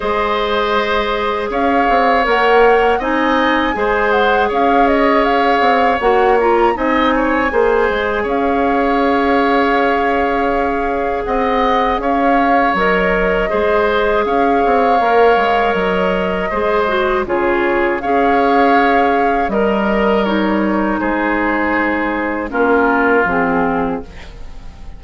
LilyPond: <<
  \new Staff \with { instrumentName = "flute" } { \time 4/4 \tempo 4 = 80 dis''2 f''4 fis''4 | gis''4. fis''8 f''8 dis''8 f''4 | fis''8 ais''8 gis''2 f''4~ | f''2. fis''4 |
f''4 dis''2 f''4~ | f''4 dis''2 cis''4 | f''2 dis''4 cis''4 | c''2 ais'4 gis'4 | }
  \new Staff \with { instrumentName = "oboe" } { \time 4/4 c''2 cis''2 | dis''4 c''4 cis''2~ | cis''4 dis''8 cis''8 c''4 cis''4~ | cis''2. dis''4 |
cis''2 c''4 cis''4~ | cis''2 c''4 gis'4 | cis''2 ais'2 | gis'2 f'2 | }
  \new Staff \with { instrumentName = "clarinet" } { \time 4/4 gis'2. ais'4 | dis'4 gis'2. | fis'8 f'8 dis'4 gis'2~ | gis'1~ |
gis'4 ais'4 gis'2 | ais'2 gis'8 fis'8 f'4 | gis'2 ais'4 dis'4~ | dis'2 cis'4 c'4 | }
  \new Staff \with { instrumentName = "bassoon" } { \time 4/4 gis2 cis'8 c'8 ais4 | c'4 gis4 cis'4. c'8 | ais4 c'4 ais8 gis8 cis'4~ | cis'2. c'4 |
cis'4 fis4 gis4 cis'8 c'8 | ais8 gis8 fis4 gis4 cis4 | cis'2 g2 | gis2 ais4 f4 | }
>>